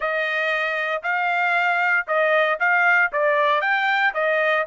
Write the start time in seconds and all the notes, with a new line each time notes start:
0.00 D#5
1.03 F5
2.07 D#5
2.59 F5
3.12 D5
3.61 G5
4.14 D#5